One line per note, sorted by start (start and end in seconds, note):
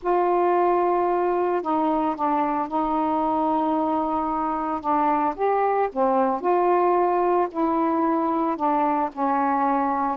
0.02 1.61 F4
1.61 2.15 D#4
2.15 2.68 D4
2.68 4.81 D#4
4.81 5.34 D4
5.35 5.89 G4
5.92 6.40 C4
6.40 7.48 F4
7.51 8.56 E4
8.56 9.09 D4
9.12 10.17 C#4